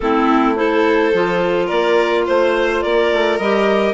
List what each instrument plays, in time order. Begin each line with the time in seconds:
0.00 bassoon A3, clarinet C4 A4, violin E4
0.55 clarinet E4 C5, violin A4
1.13 bassoon F3, clarinet F4
1.66 bassoon A#3, violin A#4, clarinet D5
2.26 bassoon A3, violin C5, clarinet C5
2.81 bassoon A#3, violin A#4, clarinet D5
3.12 bassoon A3
3.37 bassoon G3, clarinet G4 D#5